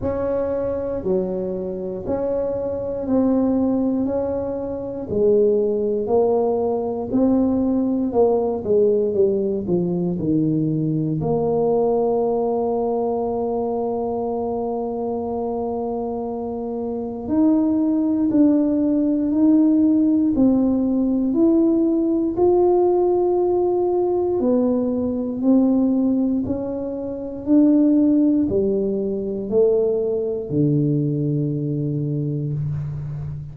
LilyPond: \new Staff \with { instrumentName = "tuba" } { \time 4/4 \tempo 4 = 59 cis'4 fis4 cis'4 c'4 | cis'4 gis4 ais4 c'4 | ais8 gis8 g8 f8 dis4 ais4~ | ais1~ |
ais4 dis'4 d'4 dis'4 | c'4 e'4 f'2 | b4 c'4 cis'4 d'4 | g4 a4 d2 | }